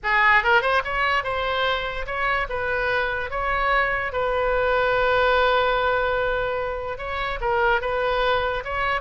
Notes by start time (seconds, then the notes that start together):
0.03 G#4
0.43 A#4
0.61 C5
0.84 C#5
1.23 C5
2.06 C#5
2.49 B4
3.30 C#5
4.12 B4
6.98 C#5
7.40 A#4
7.81 B4
8.64 C#5